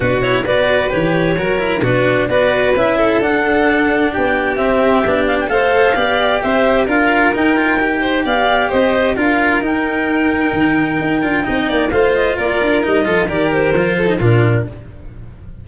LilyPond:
<<
  \new Staff \with { instrumentName = "clarinet" } { \time 4/4 \tempo 4 = 131 b'8 cis''8 d''4 cis''2 | b'4 d''4 e''4 fis''4~ | fis''4 g''4 e''4. f''16 g''16 | f''2 e''4 f''4 |
g''2 f''4 dis''4 | f''4 g''2.~ | g''2 f''8 dis''8 d''4 | dis''4 d''8 c''4. ais'4 | }
  \new Staff \with { instrumentName = "violin" } { \time 4/4 fis'4 b'2 ais'4 | fis'4 b'4. a'4.~ | a'4 g'2. | c''4 d''4 c''4 ais'4~ |
ais'4. c''8 d''4 c''4 | ais'1~ | ais'4 dis''8 d''8 c''4 ais'4~ | ais'8 a'8 ais'4. a'8 f'4 | }
  \new Staff \with { instrumentName = "cello" } { \time 4/4 d'8 e'8 fis'4 g'4 fis'8 e'8 | d'4 fis'4 e'4 d'4~ | d'2 c'4 d'4 | a'4 g'2 f'4 |
dis'8 f'8 g'2. | f'4 dis'2.~ | dis'8 f'8 dis'4 f'2 | dis'8 f'8 g'4 f'8. dis'16 d'4 | }
  \new Staff \with { instrumentName = "tuba" } { \time 4/4 b,4 b4 e4 fis4 | b,4 b4 cis'4 d'4~ | d'4 b4 c'4 b4 | a4 b4 c'4 d'4 |
dis'2 b4 c'4 | d'4 dis'2 dis4 | dis'8 d'8 c'8 ais8 a4 ais8 d'8 | g8 f8 dis4 f4 ais,4 | }
>>